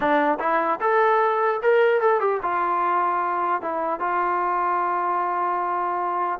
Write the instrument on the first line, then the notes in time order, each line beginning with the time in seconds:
trombone
0.00 D4
0.39 E4
0.80 A4
1.62 A#4
2.01 A4
2.20 G4
2.42 F4
3.61 E4
3.99 F4